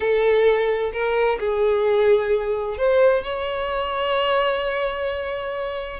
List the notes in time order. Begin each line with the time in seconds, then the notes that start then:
0.00 A4
0.92 A#4
1.39 G#4
2.77 C5
3.23 C#5